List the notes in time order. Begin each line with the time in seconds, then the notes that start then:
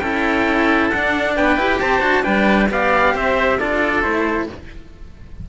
0.00 C#4 E4 A4 G5
0.90 D4 F#5
1.36 B3 B4 G5
1.57 E4 G4
1.81 C4 C5 A5
2.01 D4 F#4
2.23 G3 D4 B4 G5
2.69 B3 G4 D5 F5
3.15 C4 C5 E5
3.60 D4 F4 A4 D5
4.03 A3 E4 C5